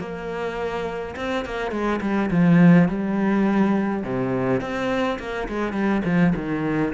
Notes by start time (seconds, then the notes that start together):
0.00 A#3
1.16 C4
1.45 A#3
1.72 G#3
2.02 G3
2.31 F3
2.89 G3
4.04 C3
4.61 C4
5.19 A#3
5.49 G#3
5.73 G3
6.05 F3
6.36 D#3